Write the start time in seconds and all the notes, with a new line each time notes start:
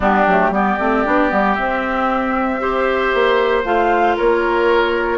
0.00 G3 B3 D4 G4
0.26 F#3 A3
0.50 G3 B3 G4 D5
0.79 A3 C4
1.05 B3 D4
1.29 G3 B3
1.55 C4 E5
2.59 G4 C5
3.14 A#3
3.64 A3 F4 F5
4.16 A#3 A#4 C#5